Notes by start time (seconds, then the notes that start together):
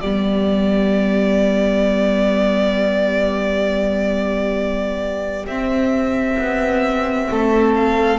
0.00 G3 B3 G4 D5
5.46 C4 E5
6.38 B3
7.30 A3 A4
7.75 F5